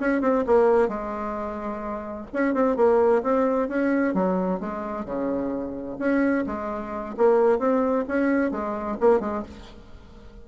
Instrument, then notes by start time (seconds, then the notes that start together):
bassoon
0.00 C#4
0.21 C4
0.46 A#3
0.88 G#3
2.33 C#4
2.54 C4
2.76 A#3
3.23 C4
3.68 C#4
4.14 F#3
4.60 G#3
5.05 C#3
5.99 C#4
6.46 G#3
7.17 A#3
7.59 C4
8.08 C#4
8.51 G#3
9.00 A#3
9.20 G#3